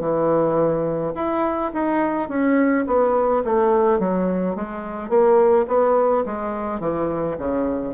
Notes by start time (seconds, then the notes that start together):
0.00 E3
1.15 E4
1.73 D#4
2.28 C#4
2.87 B3
3.44 A3
3.99 F#3
4.55 G#3
5.09 A#3
5.68 B3
6.25 G#3
6.80 E3
7.37 C#3